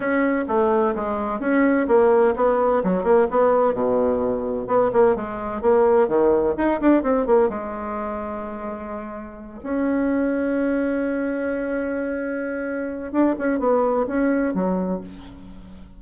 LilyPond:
\new Staff \with { instrumentName = "bassoon" } { \time 4/4 \tempo 4 = 128 cis'4 a4 gis4 cis'4 | ais4 b4 fis8 ais8 b4 | b,2 b8 ais8 gis4 | ais4 dis4 dis'8 d'8 c'8 ais8 |
gis1~ | gis8 cis'2.~ cis'8~ | cis'1 | d'8 cis'8 b4 cis'4 fis4 | }